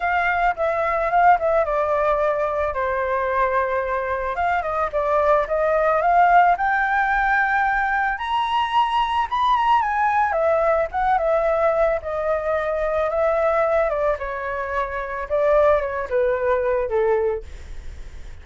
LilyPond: \new Staff \with { instrumentName = "flute" } { \time 4/4 \tempo 4 = 110 f''4 e''4 f''8 e''8 d''4~ | d''4 c''2. | f''8 dis''8 d''4 dis''4 f''4 | g''2. ais''4~ |
ais''4 b''8 ais''8 gis''4 e''4 | fis''8 e''4. dis''2 | e''4. d''8 cis''2 | d''4 cis''8 b'4. a'4 | }